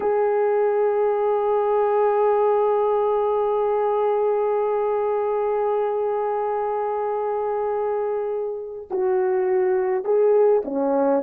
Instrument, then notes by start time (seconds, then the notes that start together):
horn
0.00 G#4
8.90 F#4
10.04 G#4
10.64 C#4